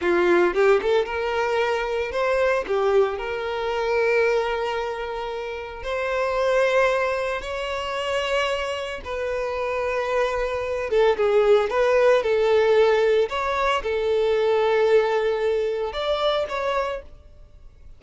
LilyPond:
\new Staff \with { instrumentName = "violin" } { \time 4/4 \tempo 4 = 113 f'4 g'8 a'8 ais'2 | c''4 g'4 ais'2~ | ais'2. c''4~ | c''2 cis''2~ |
cis''4 b'2.~ | b'8 a'8 gis'4 b'4 a'4~ | a'4 cis''4 a'2~ | a'2 d''4 cis''4 | }